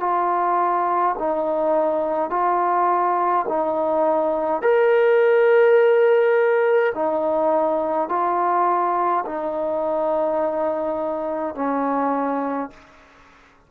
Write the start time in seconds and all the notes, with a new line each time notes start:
0.00 F4
1.19 D#4
2.30 F4
3.48 D#4
4.62 A#4
6.95 D#4
8.09 F4
9.26 D#4
11.55 C#4